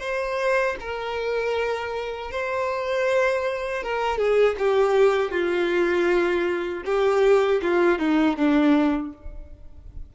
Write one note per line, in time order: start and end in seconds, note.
0.00 0.76 C5
0.80 2.31 A#4
2.31 3.83 C5
3.83 4.18 A#4
4.18 4.56 G#4
4.58 5.31 G4
5.31 6.83 F4
6.85 7.61 G4
7.62 7.99 F4
7.99 8.37 D#4
8.37 9.13 D4